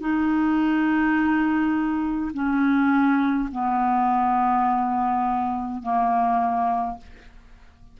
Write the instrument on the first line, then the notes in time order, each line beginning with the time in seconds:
clarinet
0.00 D#4
2.33 C#4
3.51 B3
5.82 A#3